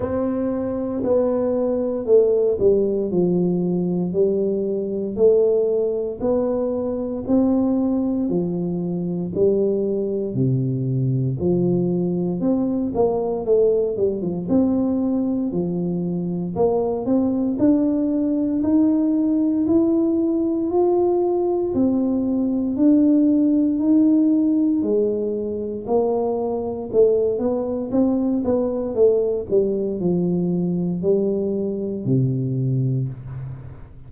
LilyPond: \new Staff \with { instrumentName = "tuba" } { \time 4/4 \tempo 4 = 58 c'4 b4 a8 g8 f4 | g4 a4 b4 c'4 | f4 g4 c4 f4 | c'8 ais8 a8 g16 f16 c'4 f4 |
ais8 c'8 d'4 dis'4 e'4 | f'4 c'4 d'4 dis'4 | gis4 ais4 a8 b8 c'8 b8 | a8 g8 f4 g4 c4 | }